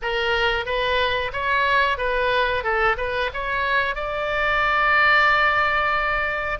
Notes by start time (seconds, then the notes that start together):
0.02 A#4
0.65 B4
1.32 C#5
1.97 B4
2.63 A4
2.97 B4
3.33 C#5
3.95 D5